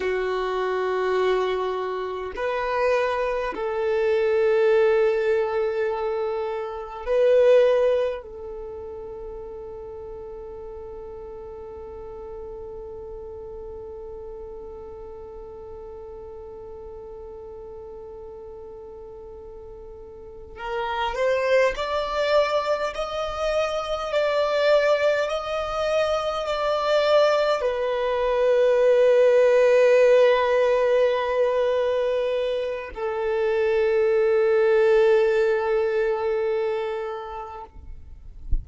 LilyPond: \new Staff \with { instrumentName = "violin" } { \time 4/4 \tempo 4 = 51 fis'2 b'4 a'4~ | a'2 b'4 a'4~ | a'1~ | a'1~ |
a'4. ais'8 c''8 d''4 dis''8~ | dis''8 d''4 dis''4 d''4 b'8~ | b'1 | a'1 | }